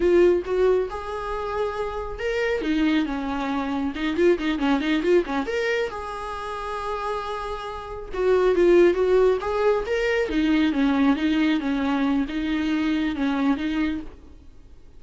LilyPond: \new Staff \with { instrumentName = "viola" } { \time 4/4 \tempo 4 = 137 f'4 fis'4 gis'2~ | gis'4 ais'4 dis'4 cis'4~ | cis'4 dis'8 f'8 dis'8 cis'8 dis'8 f'8 | cis'8 ais'4 gis'2~ gis'8~ |
gis'2~ gis'8 fis'4 f'8~ | f'8 fis'4 gis'4 ais'4 dis'8~ | dis'8 cis'4 dis'4 cis'4. | dis'2 cis'4 dis'4 | }